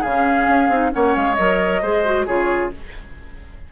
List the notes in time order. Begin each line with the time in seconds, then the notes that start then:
0.00 C#3 C#4 G#4 F5
0.47 C#4
0.69 C4 D#4
0.90 A#3 C#4 C#5 F#5
1.15 G#3 F5
1.34 F#3 A#4 D#5
1.81 G#3 G#4 C5
2.05 F#4
2.26 C#3 F4 G#4 C#5